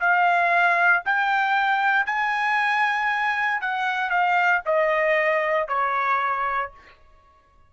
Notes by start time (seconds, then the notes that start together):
0.00 F5
1.05 G5
2.06 G#5
3.61 F#5
4.10 F5
4.66 D#5
5.68 C#5